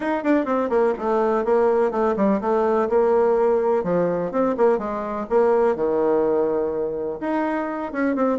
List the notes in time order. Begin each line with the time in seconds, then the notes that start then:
0.00 D#4
0.23 D4
0.45 C4
0.69 A#3
0.98 A3
1.44 A#3
1.91 A3
2.16 G3
2.40 A3
2.89 A#3
3.83 F3
4.31 C4
4.57 A#3
4.78 G#3
5.29 A#3
5.75 D#3
7.20 D#4
7.92 C#4
8.15 C4